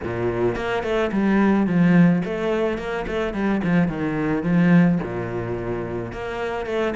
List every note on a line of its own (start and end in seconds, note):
0.03 0.55 A#2
0.55 0.83 A#3
0.83 1.10 A3
1.11 1.67 G3
1.67 2.22 F3
2.24 2.78 A3
2.78 3.05 A#3
3.07 3.33 A3
3.33 3.61 G3
3.63 3.88 F3
3.88 4.43 D#3
4.43 4.98 F3
5.03 6.12 A#2
6.12 6.66 A#3
6.66 6.93 A3